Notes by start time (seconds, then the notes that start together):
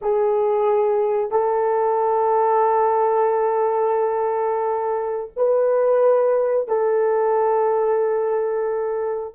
0.01 G#4
1.31 A4
5.36 B4
6.68 A4